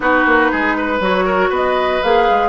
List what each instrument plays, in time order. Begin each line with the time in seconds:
0.00 bassoon B3, clarinet D#4, oboe F#4, flute B4
0.25 bassoon A#3
0.51 bassoon G#3, oboe G#4
0.77 oboe B4
0.99 bassoon F#3, clarinet F#4, flute C#5
1.25 oboe A#4
1.49 bassoon B3, oboe B4, flute D#5
2.02 bassoon A#3, clarinet G#4, flute F5
2.30 bassoon G#3